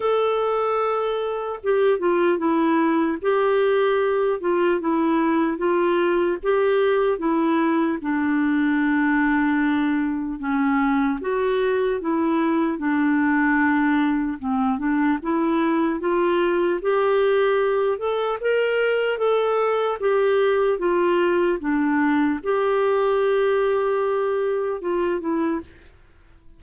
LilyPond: \new Staff \with { instrumentName = "clarinet" } { \time 4/4 \tempo 4 = 75 a'2 g'8 f'8 e'4 | g'4. f'8 e'4 f'4 | g'4 e'4 d'2~ | d'4 cis'4 fis'4 e'4 |
d'2 c'8 d'8 e'4 | f'4 g'4. a'8 ais'4 | a'4 g'4 f'4 d'4 | g'2. f'8 e'8 | }